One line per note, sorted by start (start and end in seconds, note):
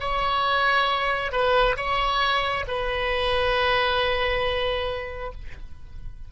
0.00 1.32 C#5
1.32 1.76 B4
1.77 2.65 C#5
2.68 5.32 B4